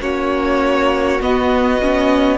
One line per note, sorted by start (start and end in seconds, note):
0.00 1.20 A#3
0.00 1.20 C#4
0.00 2.38 F#4
0.00 1.21 C#5
1.21 1.80 B3
1.21 2.38 B3
1.21 2.38 D#5
1.82 2.38 C#4